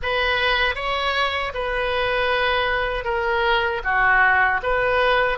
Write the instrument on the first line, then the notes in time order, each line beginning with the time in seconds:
oboe
0.02 B4
0.75 C#5
1.53 B4
3.04 A#4
3.84 F#4
4.63 B4